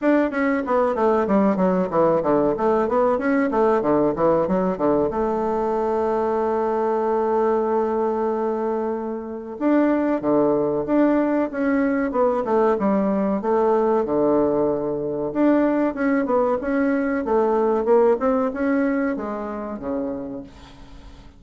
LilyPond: \new Staff \with { instrumentName = "bassoon" } { \time 4/4 \tempo 4 = 94 d'8 cis'8 b8 a8 g8 fis8 e8 d8 | a8 b8 cis'8 a8 d8 e8 fis8 d8 | a1~ | a2. d'4 |
d4 d'4 cis'4 b8 a8 | g4 a4 d2 | d'4 cis'8 b8 cis'4 a4 | ais8 c'8 cis'4 gis4 cis4 | }